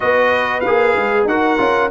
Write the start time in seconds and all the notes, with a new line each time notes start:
0.00 B3 F#4 B4 D#5
0.60 F5
0.66 A#3 G#4
0.96 G#3
1.24 D#4 F#4 A#4 F#5
1.58 C#4 F4